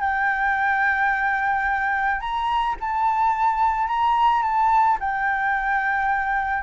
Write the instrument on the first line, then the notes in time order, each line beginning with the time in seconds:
flute
0.00 G5
2.20 A#5
2.80 A5
3.87 A#5
4.42 A5
5.00 G5